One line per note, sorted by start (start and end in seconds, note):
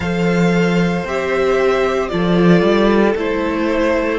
0.00 1.04 F3
0.00 1.07 A4
0.00 2.09 C5
0.00 1.05 F5
1.04 2.09 C4
1.04 2.10 G4
1.04 2.08 E5
2.08 2.62 F3
2.08 3.15 F4
2.08 4.18 A4
2.08 3.13 D5
2.62 3.14 G3
3.15 4.18 A3
3.15 4.18 E4
3.15 4.18 C5